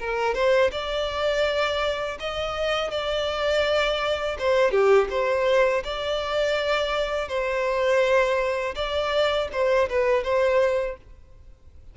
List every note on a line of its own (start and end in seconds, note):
0.00 0.35 A#4
0.35 0.71 C5
0.72 2.19 D5
2.20 2.91 D#5
2.91 4.38 D5
4.39 4.72 C5
4.72 5.08 G4
5.11 5.84 C5
5.84 7.29 D5
7.29 8.75 C5
8.76 9.49 D5
9.53 9.89 C5
9.89 10.24 B4
10.24 10.97 C5